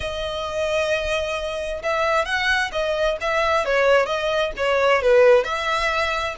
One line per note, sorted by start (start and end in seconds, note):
0.00 1.82 D#5
1.82 2.25 E5
2.25 2.70 F#5
2.71 3.17 D#5
3.20 3.65 E5
3.65 4.06 C#5
4.06 4.51 D#5
4.56 5.02 C#5
5.02 5.44 B4
5.44 6.35 E5